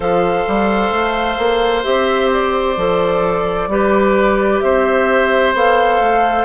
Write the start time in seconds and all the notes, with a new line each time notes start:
0.00 F3 A4 C5 F5
0.47 G3
0.90 A3
1.37 A#3
1.83 C4 G4 E5
2.32 D5
2.76 F3 A4
3.67 G3 G4 B4
4.60 C4 C5 E5
5.54 B3 A4 F5
5.99 A3